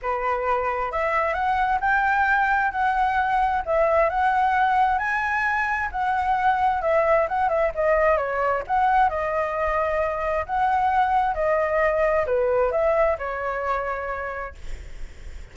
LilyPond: \new Staff \with { instrumentName = "flute" } { \time 4/4 \tempo 4 = 132 b'2 e''4 fis''4 | g''2 fis''2 | e''4 fis''2 gis''4~ | gis''4 fis''2 e''4 |
fis''8 e''8 dis''4 cis''4 fis''4 | dis''2. fis''4~ | fis''4 dis''2 b'4 | e''4 cis''2. | }